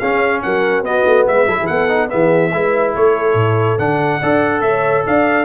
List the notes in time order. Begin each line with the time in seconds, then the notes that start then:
0.00 C#4 G#4 F5
0.43 F#3 A#4 F#5
0.83 B3 F#4 D#5
1.06 A3
1.28 G#3 B4 E5
1.47 F#3 E4 A4
1.60 E3 G#4
1.67 B3 A4 F#5
1.89 D#4
2.09 E3 B3 G#4 E5
2.53 G#3 E4 B4
2.95 A3 A4 C#5
3.34 A2
3.79 D3 D4 F#5
4.21 D4 A4 D5
4.62 A3 C#5 E5
5.05 D4 D5 F5